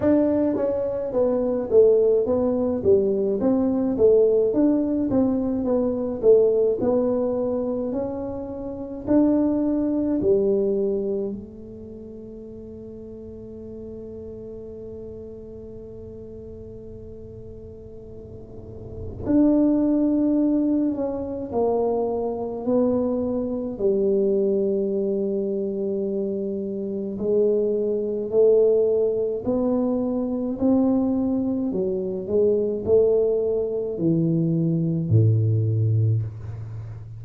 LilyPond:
\new Staff \with { instrumentName = "tuba" } { \time 4/4 \tempo 4 = 53 d'8 cis'8 b8 a8 b8 g8 c'8 a8 | d'8 c'8 b8 a8 b4 cis'4 | d'4 g4 a2~ | a1~ |
a4 d'4. cis'8 ais4 | b4 g2. | gis4 a4 b4 c'4 | fis8 gis8 a4 e4 a,4 | }